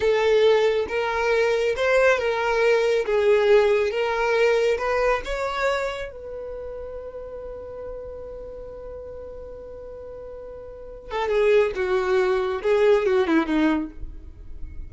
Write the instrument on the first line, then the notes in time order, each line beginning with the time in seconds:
violin
0.00 A4
0.88 A#4
1.76 C5
2.18 A#4
3.05 G#4
3.90 A#4
4.78 B4
5.24 C#5
6.11 B4
11.10 A4
11.28 G#4
11.75 F#4
12.62 G#4
13.06 F#4
13.27 E4
13.46 D#4